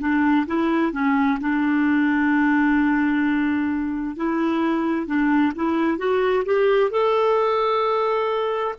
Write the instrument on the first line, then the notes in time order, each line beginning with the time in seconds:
clarinet
0.00 D4
0.47 E4
0.92 C#4
1.41 D4
4.17 E4
5.07 D4
5.56 E4
5.98 F#4
6.45 G4
6.91 A4